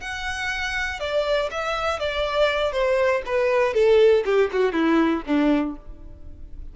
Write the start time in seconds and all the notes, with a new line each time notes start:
0.00 F#5
0.99 D5
1.50 E5
1.99 D5
2.72 C5
3.25 B4
3.74 A4
4.25 G4
4.52 F#4
4.72 E4
5.26 D4